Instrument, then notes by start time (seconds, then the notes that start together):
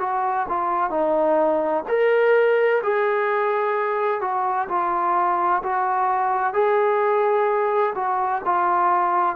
trombone
0.00 F#4
0.49 F4
0.91 D#4
1.88 A#4
2.83 G#4
4.21 F#4
4.69 F4
5.63 F#4
6.54 G#4
7.95 F#4
8.45 F4